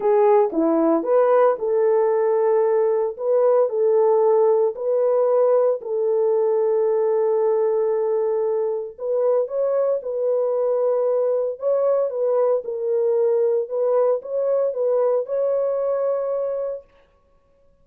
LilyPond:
\new Staff \with { instrumentName = "horn" } { \time 4/4 \tempo 4 = 114 gis'4 e'4 b'4 a'4~ | a'2 b'4 a'4~ | a'4 b'2 a'4~ | a'1~ |
a'4 b'4 cis''4 b'4~ | b'2 cis''4 b'4 | ais'2 b'4 cis''4 | b'4 cis''2. | }